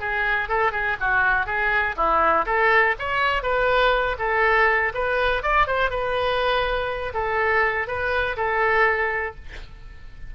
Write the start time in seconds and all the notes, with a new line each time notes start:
0.00 G#4
0.49 A4
0.72 G#4
1.00 F#4
1.46 G#4
1.96 E4
2.46 A4
2.99 C#5
3.43 B4
4.19 A4
4.94 B4
5.43 D5
5.67 C5
5.90 B4
7.14 A4
7.87 B4
8.37 A4